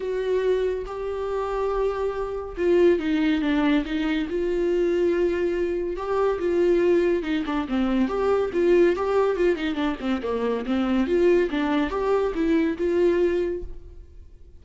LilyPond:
\new Staff \with { instrumentName = "viola" } { \time 4/4 \tempo 4 = 141 fis'2 g'2~ | g'2 f'4 dis'4 | d'4 dis'4 f'2~ | f'2 g'4 f'4~ |
f'4 dis'8 d'8 c'4 g'4 | f'4 g'4 f'8 dis'8 d'8 c'8 | ais4 c'4 f'4 d'4 | g'4 e'4 f'2 | }